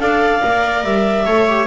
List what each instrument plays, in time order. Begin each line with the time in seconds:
0.00 double bass D4, viola A4 D5, clarinet F5
0.42 double bass A#3, viola A#4
0.84 double bass G3, clarinet E5
1.26 double bass A3, viola A4 C#5
1.49 viola G4